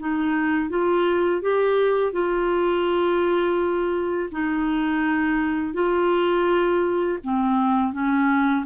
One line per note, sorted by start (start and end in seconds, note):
0.00 0.70 D#4
0.70 1.42 F4
1.42 2.13 G4
2.13 4.30 F4
4.32 5.74 D#4
5.74 7.19 F4
7.24 7.93 C4
7.93 8.65 C#4